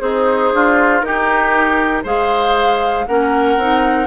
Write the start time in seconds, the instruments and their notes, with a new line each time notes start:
0.00 bassoon C4, oboe D#4, clarinet G#4, flute C5
0.54 bassoon D4, oboe F4
1.02 bassoon D#4, clarinet D#4, oboe G4, flute A#4
2.04 bassoon G#3, clarinet G#4, oboe C5, flute F5
3.07 bassoon A#3, clarinet C#4, oboe A#4, flute F#5
3.58 bassoon C4, clarinet D#4